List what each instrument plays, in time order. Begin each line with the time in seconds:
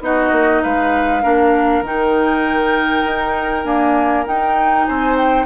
0.00 bassoon B3, clarinet D#4, oboe F#4, flute D#5
0.31 bassoon A#3
0.62 bassoon G#3, oboe B4, flute F5
1.22 bassoon A#3, clarinet D4, oboe A#4
1.81 bassoon D#3, clarinet D#4, flute G5
3.05 bassoon D#4
3.64 clarinet A#3, bassoon D4, flute G#5
4.26 clarinet D#4, bassoon D#4, flute G5
4.86 bassoon C4, oboe C5, flute G#5
5.17 flute G5